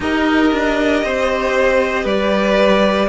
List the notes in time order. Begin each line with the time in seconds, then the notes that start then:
0.00 D#4 G4 A#4 D#5
0.52 D4
1.03 C4 C5
2.03 G3 B4 D5